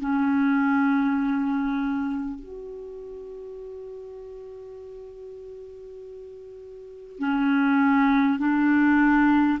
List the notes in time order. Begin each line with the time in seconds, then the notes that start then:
0.00 C#4
2.39 F#4
7.18 C#4
8.38 D4